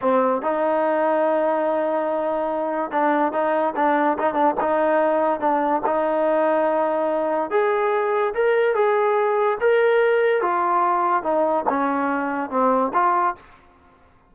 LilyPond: \new Staff \with { instrumentName = "trombone" } { \time 4/4 \tempo 4 = 144 c'4 dis'2.~ | dis'2. d'4 | dis'4 d'4 dis'8 d'8 dis'4~ | dis'4 d'4 dis'2~ |
dis'2 gis'2 | ais'4 gis'2 ais'4~ | ais'4 f'2 dis'4 | cis'2 c'4 f'4 | }